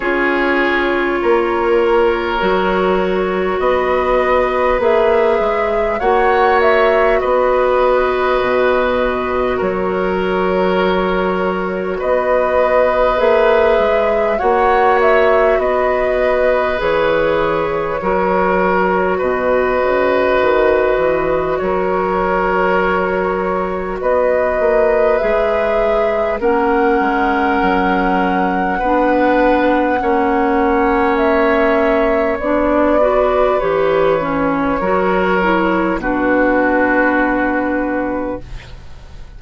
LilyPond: <<
  \new Staff \with { instrumentName = "flute" } { \time 4/4 \tempo 4 = 50 cis''2. dis''4 | e''4 fis''8 e''8 dis''2 | cis''2 dis''4 e''4 | fis''8 e''8 dis''4 cis''2 |
dis''2 cis''2 | dis''4 e''4 fis''2~ | fis''2 e''4 d''4 | cis''2 b'2 | }
  \new Staff \with { instrumentName = "oboe" } { \time 4/4 gis'4 ais'2 b'4~ | b'4 cis''4 b'2 | ais'2 b'2 | cis''4 b'2 ais'4 |
b'2 ais'2 | b'2 ais'2 | b'4 cis''2~ cis''8 b'8~ | b'4 ais'4 fis'2 | }
  \new Staff \with { instrumentName = "clarinet" } { \time 4/4 f'2 fis'2 | gis'4 fis'2.~ | fis'2. gis'4 | fis'2 gis'4 fis'4~ |
fis'1~ | fis'4 gis'4 cis'2 | d'4 cis'2 d'8 fis'8 | g'8 cis'8 fis'8 e'8 d'2 | }
  \new Staff \with { instrumentName = "bassoon" } { \time 4/4 cis'4 ais4 fis4 b4 | ais8 gis8 ais4 b4 b,4 | fis2 b4 ais8 gis8 | ais4 b4 e4 fis4 |
b,8 cis8 dis8 e8 fis2 | b8 ais8 gis4 ais8 gis8 fis4 | b4 ais2 b4 | e4 fis4 b,2 | }
>>